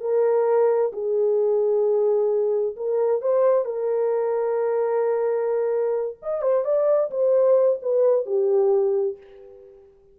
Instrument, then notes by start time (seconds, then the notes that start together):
horn
0.00 A#4
0.92 G#4
2.76 A#4
3.21 C5
3.65 A#4
6.22 D#5
6.42 C5
6.64 D5
7.11 C5
7.82 B4
8.26 G4